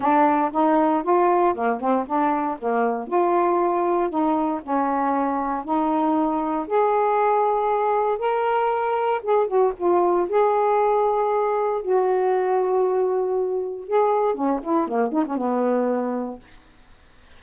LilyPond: \new Staff \with { instrumentName = "saxophone" } { \time 4/4 \tempo 4 = 117 d'4 dis'4 f'4 ais8 c'8 | d'4 ais4 f'2 | dis'4 cis'2 dis'4~ | dis'4 gis'2. |
ais'2 gis'8 fis'8 f'4 | gis'2. fis'4~ | fis'2. gis'4 | cis'8 e'8 ais8 dis'16 cis'16 b2 | }